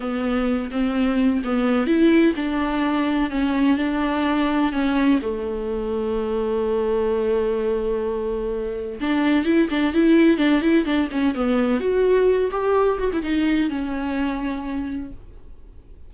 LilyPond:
\new Staff \with { instrumentName = "viola" } { \time 4/4 \tempo 4 = 127 b4. c'4. b4 | e'4 d'2 cis'4 | d'2 cis'4 a4~ | a1~ |
a2. d'4 | e'8 d'8 e'4 d'8 e'8 d'8 cis'8 | b4 fis'4. g'4 fis'16 e'16 | dis'4 cis'2. | }